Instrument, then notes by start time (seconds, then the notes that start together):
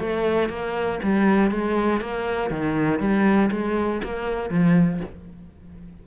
cello
0.00 A3
0.49 A#3
1.03 G3
1.51 G#3
2.01 A#3
2.51 D#3
3.00 G3
3.52 G#3
4.04 A#3
4.50 F3